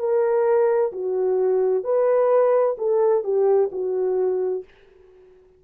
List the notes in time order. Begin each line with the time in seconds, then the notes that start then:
0.00 A#4
0.92 F#4
1.84 B4
2.78 A4
3.24 G4
3.72 F#4